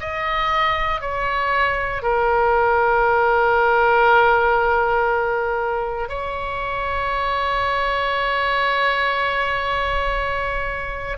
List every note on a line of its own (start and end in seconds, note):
0.00 1.01 D#5
1.01 2.02 C#5
2.02 6.09 A#4
6.09 11.18 C#5